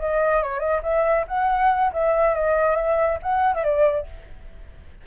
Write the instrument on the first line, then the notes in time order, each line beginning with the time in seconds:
flute
0.00 D#5
0.43 C#5
0.60 D#5
0.83 E5
1.28 F#5
1.93 E5
2.35 D#5
2.77 E5
3.23 F#5
3.55 E5
3.64 D5